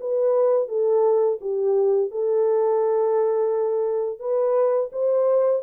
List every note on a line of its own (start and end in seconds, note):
0.00 0.68 B4
0.68 1.39 A4
1.41 2.11 G4
2.11 4.19 A4
4.19 4.90 B4
4.92 5.62 C5